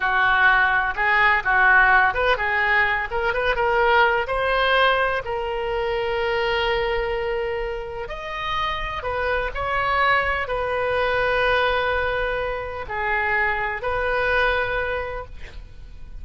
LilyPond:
\new Staff \with { instrumentName = "oboe" } { \time 4/4 \tempo 4 = 126 fis'2 gis'4 fis'4~ | fis'8 b'8 gis'4. ais'8 b'8 ais'8~ | ais'4 c''2 ais'4~ | ais'1~ |
ais'4 dis''2 b'4 | cis''2 b'2~ | b'2. gis'4~ | gis'4 b'2. | }